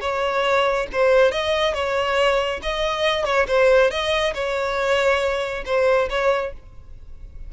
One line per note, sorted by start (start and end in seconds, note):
0.00 0.86 C#5
0.92 1.31 C5
1.31 1.74 D#5
1.74 2.60 C#5
2.62 3.25 D#5
3.25 3.46 C#5
3.47 3.90 C5
3.90 4.34 D#5
4.34 5.64 C#5
5.65 6.09 C5
6.09 6.53 C#5